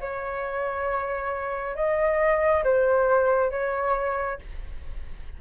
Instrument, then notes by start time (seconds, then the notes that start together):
flute
0.00 C#5
1.75 D#5
2.64 C5
3.51 C#5